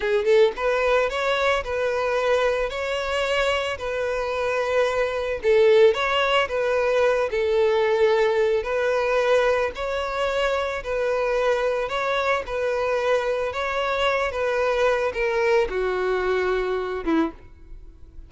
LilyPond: \new Staff \with { instrumentName = "violin" } { \time 4/4 \tempo 4 = 111 gis'8 a'8 b'4 cis''4 b'4~ | b'4 cis''2 b'4~ | b'2 a'4 cis''4 | b'4. a'2~ a'8 |
b'2 cis''2 | b'2 cis''4 b'4~ | b'4 cis''4. b'4. | ais'4 fis'2~ fis'8 e'8 | }